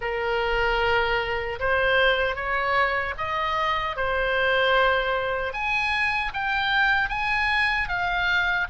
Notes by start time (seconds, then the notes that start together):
0.01 A#4
1.59 C5
2.35 C#5
3.17 D#5
3.96 C5
5.53 G#5
6.33 G5
7.09 G#5
7.88 F5